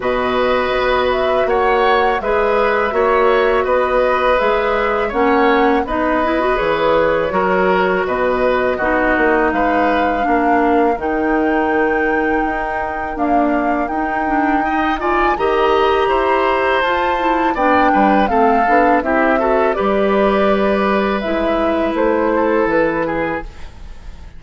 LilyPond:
<<
  \new Staff \with { instrumentName = "flute" } { \time 4/4 \tempo 4 = 82 dis''4. e''8 fis''4 e''4~ | e''4 dis''4 e''4 fis''4 | dis''4 cis''2 dis''4~ | dis''4 f''2 g''4~ |
g''2 f''4 g''4~ | g''8 gis''8 ais''2 a''4 | g''4 f''4 e''4 d''4~ | d''4 e''4 c''4 b'4 | }
  \new Staff \with { instrumentName = "oboe" } { \time 4/4 b'2 cis''4 b'4 | cis''4 b'2 cis''4 | b'2 ais'4 b'4 | fis'4 b'4 ais'2~ |
ais'1 | dis''8 d''8 dis''4 c''2 | d''8 b'8 a'4 g'8 a'8 b'4~ | b'2~ b'8 a'4 gis'8 | }
  \new Staff \with { instrumentName = "clarinet" } { \time 4/4 fis'2. gis'4 | fis'2 gis'4 cis'4 | dis'8 e'16 fis'16 gis'4 fis'2 | dis'2 d'4 dis'4~ |
dis'2 ais4 dis'8 d'8 | dis'8 f'8 g'2 f'8 e'8 | d'4 c'8 d'8 e'8 fis'8 g'4~ | g'4 e'2. | }
  \new Staff \with { instrumentName = "bassoon" } { \time 4/4 b,4 b4 ais4 gis4 | ais4 b4 gis4 ais4 | b4 e4 fis4 b,4 | b8 ais8 gis4 ais4 dis4~ |
dis4 dis'4 d'4 dis'4~ | dis'4 dis4 e'4 f'4 | b8 g8 a8 b8 c'4 g4~ | g4 gis4 a4 e4 | }
>>